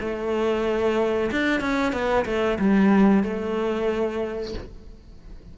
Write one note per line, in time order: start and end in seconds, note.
0.00 1.30 A3
1.31 1.60 D4
1.60 1.92 C#4
1.92 2.25 B3
2.25 2.58 A3
2.59 3.23 G3
3.23 4.54 A3